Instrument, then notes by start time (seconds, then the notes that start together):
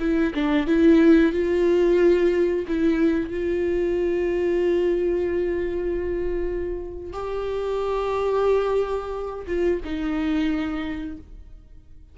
viola
0.00 E4
0.35 D4
0.67 E4
1.33 F4
2.68 E4
3.31 F4
7.13 G4
9.47 F4
9.85 D#4